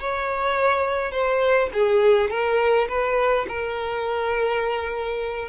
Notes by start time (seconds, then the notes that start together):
0.00 C#5
1.11 C5
1.73 G#4
2.30 A#4
2.88 B4
3.48 A#4